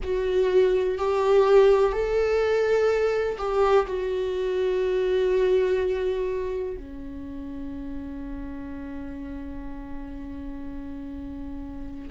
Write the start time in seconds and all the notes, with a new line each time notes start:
0.03 F#4
0.98 G4
1.92 A4
3.38 G4
3.87 F#4
6.77 C#4